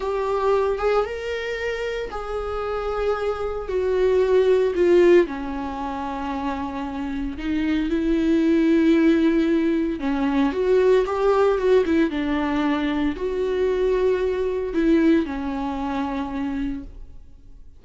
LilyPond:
\new Staff \with { instrumentName = "viola" } { \time 4/4 \tempo 4 = 114 g'4. gis'8 ais'2 | gis'2. fis'4~ | fis'4 f'4 cis'2~ | cis'2 dis'4 e'4~ |
e'2. cis'4 | fis'4 g'4 fis'8 e'8 d'4~ | d'4 fis'2. | e'4 cis'2. | }